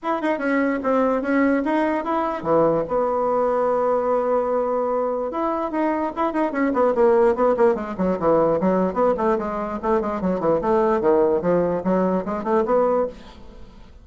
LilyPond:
\new Staff \with { instrumentName = "bassoon" } { \time 4/4 \tempo 4 = 147 e'8 dis'8 cis'4 c'4 cis'4 | dis'4 e'4 e4 b4~ | b1~ | b4 e'4 dis'4 e'8 dis'8 |
cis'8 b8 ais4 b8 ais8 gis8 fis8 | e4 fis4 b8 a8 gis4 | a8 gis8 fis8 e8 a4 dis4 | f4 fis4 gis8 a8 b4 | }